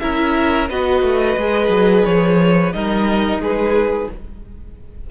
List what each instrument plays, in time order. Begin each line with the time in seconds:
0.00 cello C#4, viola E4, violin A#4 E5
0.70 cello B3, viola F#4, violin B4 D#5
1.03 cello A3
1.37 cello G#3, viola G#4
1.70 cello F#3
2.06 cello F3, violin C#5
2.73 cello G3, viola D#4, violin A#4 D#5
3.39 cello G#3, violin G#4 B4